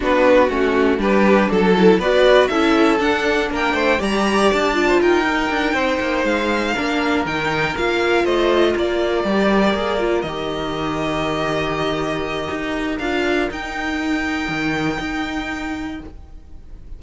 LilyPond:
<<
  \new Staff \with { instrumentName = "violin" } { \time 4/4 \tempo 4 = 120 b'4 fis'4 b'4 a'4 | d''4 e''4 fis''4 g''4 | ais''4 a''4 g''2~ | g''8 f''2 g''4 f''8~ |
f''8 dis''4 d''2~ d''8~ | d''8 dis''2.~ dis''8~ | dis''2 f''4 g''4~ | g''1 | }
  \new Staff \with { instrumentName = "violin" } { \time 4/4 fis'2 g'4 a'4 | b'4 a'2 ais'8 c''8 | d''4.~ d''16 c''16 ais'4. c''8~ | c''4. ais'2~ ais'8~ |
ais'8 c''4 ais'2~ ais'8~ | ais'1~ | ais'1~ | ais'1 | }
  \new Staff \with { instrumentName = "viola" } { \time 4/4 d'4 cis'4 d'4. e'8 | fis'4 e'4 d'2 | g'4. f'4 dis'4.~ | dis'4. d'4 dis'4 f'8~ |
f'2~ f'8 g'4 gis'8 | f'8 g'2.~ g'8~ | g'2 f'4 dis'4~ | dis'1 | }
  \new Staff \with { instrumentName = "cello" } { \time 4/4 b4 a4 g4 fis4 | b4 cis'4 d'4 ais8 a8 | g4 d'4 dis'4 d'8 c'8 | ais8 gis4 ais4 dis4 ais8~ |
ais8 a4 ais4 g4 ais8~ | ais8 dis2.~ dis8~ | dis4 dis'4 d'4 dis'4~ | dis'4 dis4 dis'2 | }
>>